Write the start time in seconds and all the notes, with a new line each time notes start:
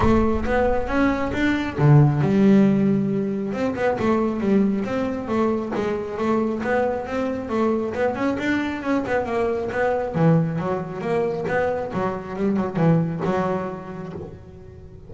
0.00 A3
0.45 B3
0.87 C#4
1.33 D4
1.78 D3
2.21 G3
3.52 C4
3.75 B3
3.99 A3
4.40 G3
4.84 C4
5.28 A3
5.74 G#3
6.17 A3
6.63 B3
7.06 C4
7.49 A3
7.94 B3
8.15 C#4
8.38 D4
8.82 C#4
9.06 B3
9.25 A#3
9.71 B3
10.15 E3
10.58 F#3
11.01 A#3
11.48 B3
11.93 F#3
12.36 G3
12.56 F#3
12.76 E3
13.24 F#3